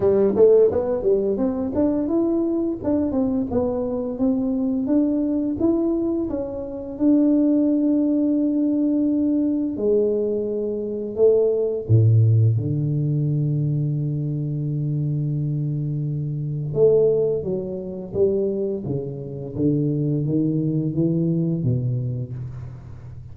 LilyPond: \new Staff \with { instrumentName = "tuba" } { \time 4/4 \tempo 4 = 86 g8 a8 b8 g8 c'8 d'8 e'4 | d'8 c'8 b4 c'4 d'4 | e'4 cis'4 d'2~ | d'2 gis2 |
a4 a,4 d2~ | d1 | a4 fis4 g4 cis4 | d4 dis4 e4 b,4 | }